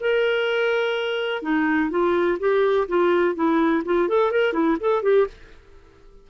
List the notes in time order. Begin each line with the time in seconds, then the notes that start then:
0.00 A#4
1.42 D#4
1.90 F4
2.39 G4
2.88 F4
3.35 E4
3.85 F4
4.08 A4
4.31 A#4
4.53 E4
4.80 A4
5.02 G4